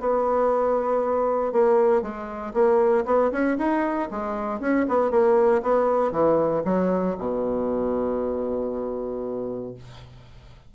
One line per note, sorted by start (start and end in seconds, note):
0.00 1.52 B3
1.52 2.02 A#3
2.02 2.53 G#3
2.53 3.04 A#3
3.05 3.31 B3
3.31 3.57 C#4
3.58 4.09 D#4
4.10 4.60 G#3
4.60 4.86 C#4
4.88 5.10 B3
5.10 5.62 A#3
5.62 6.11 B3
6.11 6.62 E3
6.64 7.16 F#3
7.18 9.74 B2